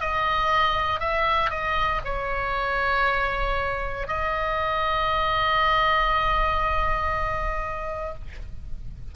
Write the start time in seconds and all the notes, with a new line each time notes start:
0.00 D#5
0.99 E5
1.50 D#5
2.04 C#5
4.07 D#5